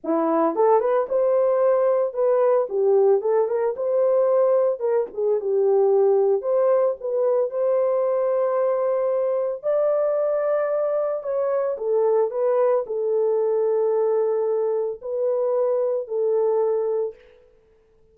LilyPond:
\new Staff \with { instrumentName = "horn" } { \time 4/4 \tempo 4 = 112 e'4 a'8 b'8 c''2 | b'4 g'4 a'8 ais'8 c''4~ | c''4 ais'8 gis'8 g'2 | c''4 b'4 c''2~ |
c''2 d''2~ | d''4 cis''4 a'4 b'4 | a'1 | b'2 a'2 | }